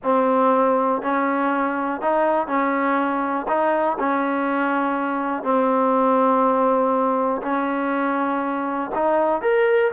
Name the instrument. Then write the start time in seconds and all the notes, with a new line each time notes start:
trombone
0.03 C4
1.02 C#4
2.01 D#4
2.47 C#4
3.48 D#4
3.99 C#4
5.43 C4
7.42 C#4
8.94 D#4
9.41 A#4